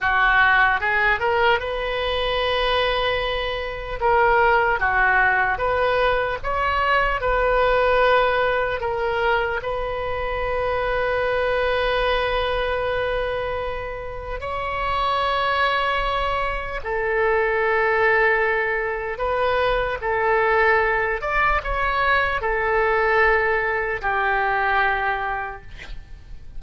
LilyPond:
\new Staff \with { instrumentName = "oboe" } { \time 4/4 \tempo 4 = 75 fis'4 gis'8 ais'8 b'2~ | b'4 ais'4 fis'4 b'4 | cis''4 b'2 ais'4 | b'1~ |
b'2 cis''2~ | cis''4 a'2. | b'4 a'4. d''8 cis''4 | a'2 g'2 | }